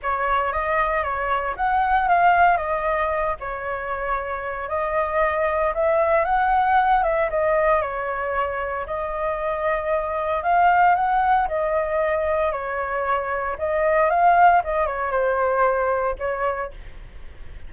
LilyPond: \new Staff \with { instrumentName = "flute" } { \time 4/4 \tempo 4 = 115 cis''4 dis''4 cis''4 fis''4 | f''4 dis''4. cis''4.~ | cis''4 dis''2 e''4 | fis''4. e''8 dis''4 cis''4~ |
cis''4 dis''2. | f''4 fis''4 dis''2 | cis''2 dis''4 f''4 | dis''8 cis''8 c''2 cis''4 | }